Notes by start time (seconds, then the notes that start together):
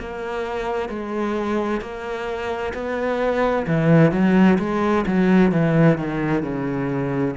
0.00 A#3
0.89 G#3
1.81 A#3
2.74 B3
3.67 E3
4.12 F#3
4.59 G#3
5.06 F#3
5.52 E3
5.98 D#3
6.43 C#3